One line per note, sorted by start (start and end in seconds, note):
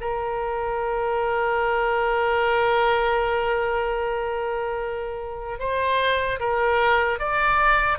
0.00 5.59 A#4
5.59 6.39 C5
6.40 7.19 A#4
7.19 7.98 D5